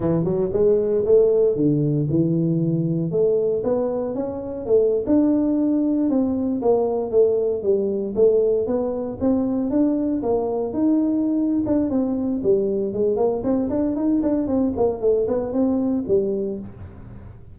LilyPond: \new Staff \with { instrumentName = "tuba" } { \time 4/4 \tempo 4 = 116 e8 fis8 gis4 a4 d4 | e2 a4 b4 | cis'4 a8. d'2 c'16~ | c'8. ais4 a4 g4 a16~ |
a8. b4 c'4 d'4 ais16~ | ais8. dis'4.~ dis'16 d'8 c'4 | g4 gis8 ais8 c'8 d'8 dis'8 d'8 | c'8 ais8 a8 b8 c'4 g4 | }